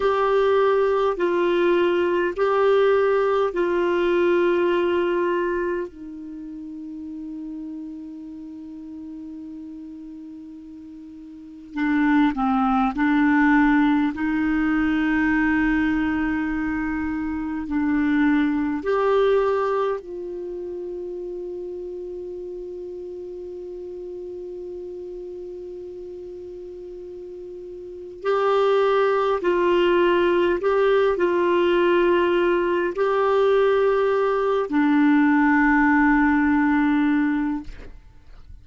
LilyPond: \new Staff \with { instrumentName = "clarinet" } { \time 4/4 \tempo 4 = 51 g'4 f'4 g'4 f'4~ | f'4 dis'2.~ | dis'2 d'8 c'8 d'4 | dis'2. d'4 |
g'4 f'2.~ | f'1 | g'4 f'4 g'8 f'4. | g'4. d'2~ d'8 | }